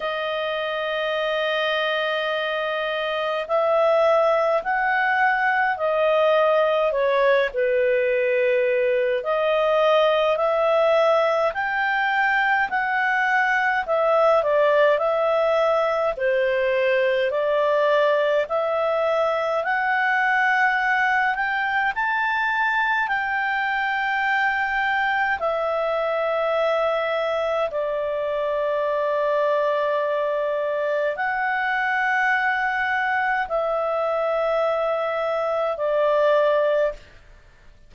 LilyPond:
\new Staff \with { instrumentName = "clarinet" } { \time 4/4 \tempo 4 = 52 dis''2. e''4 | fis''4 dis''4 cis''8 b'4. | dis''4 e''4 g''4 fis''4 | e''8 d''8 e''4 c''4 d''4 |
e''4 fis''4. g''8 a''4 | g''2 e''2 | d''2. fis''4~ | fis''4 e''2 d''4 | }